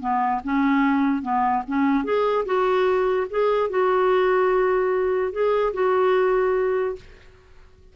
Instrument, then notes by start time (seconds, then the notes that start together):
clarinet
0.00 B3
0.44 C#4
1.22 B3
1.67 C#4
2.04 G#4
2.45 F#4
3.30 G#4
3.70 F#4
5.32 G#4
5.73 F#4